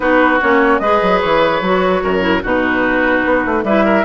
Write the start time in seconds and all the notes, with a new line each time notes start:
0.00 B3 D#4 F#4 B4
0.41 A#3 C#4 C#5
0.79 G#3 G#4 B4 D#5
1.02 F#3
1.21 E3 C#5
1.61 F#3 F#4
2.03 F#2 A#4
2.20 E4
2.42 B2 D#4 F#4 B4
3.24 B3
3.45 A3
3.63 G3 E4 B4 E5
3.84 A#4